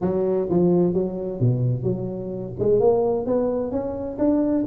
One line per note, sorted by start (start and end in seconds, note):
0.01 0.48 F#3
0.49 0.93 F3
0.93 1.40 F#3
1.40 1.83 B2
1.83 2.53 F#3
2.59 2.80 G#3
2.80 3.26 A#3
3.26 3.71 B3
3.71 4.17 C#4
4.18 4.64 D4